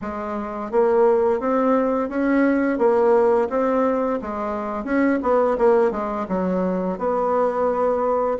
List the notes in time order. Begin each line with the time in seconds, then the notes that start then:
0.01 G#3
0.71 A#3
1.40 C4
2.09 C#4
2.78 A#3
3.49 C4
4.21 G#3
4.84 C#4
5.22 B3
5.58 A#3
5.91 G#3
6.28 F#3
6.98 B3